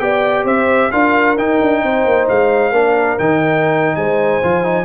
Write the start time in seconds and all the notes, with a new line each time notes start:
0.00 B3 G4 D5 G5
0.45 C4 C5 E5
0.91 D4 F4 A#4 F5
1.38 D#4 G5
1.61 D4
1.81 C4 C5
2.05 A#3
2.29 G#3 F5
2.71 A#3 D4 A#4
3.19 D#3 D#4 G5
3.96 G#3 C5 G#5
4.43 F3 F4
4.64 D#4